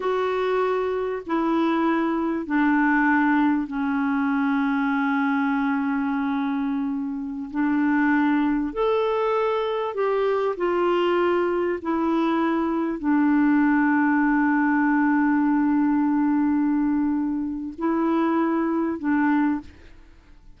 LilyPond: \new Staff \with { instrumentName = "clarinet" } { \time 4/4 \tempo 4 = 98 fis'2 e'2 | d'2 cis'2~ | cis'1~ | cis'16 d'2 a'4.~ a'16~ |
a'16 g'4 f'2 e'8.~ | e'4~ e'16 d'2~ d'8.~ | d'1~ | d'4 e'2 d'4 | }